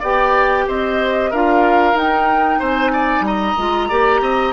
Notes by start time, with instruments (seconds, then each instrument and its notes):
0.00 bassoon B3, clarinet G4, oboe D5, flute G5
0.68 bassoon C4, oboe C5, flute D#5
1.31 bassoon D4, clarinet F4, oboe A#4, flute F5
1.94 bassoon D#4, clarinet D#4, flute G5
2.60 bassoon C4, oboe C5, flute G#5
2.93 oboe D5
3.21 bassoon G3, flute A#5
3.27 oboe D#5
3.58 bassoon G#3, clarinet F4
3.89 bassoon A#3, clarinet G4, oboe D5
4.21 bassoon C4, oboe D#5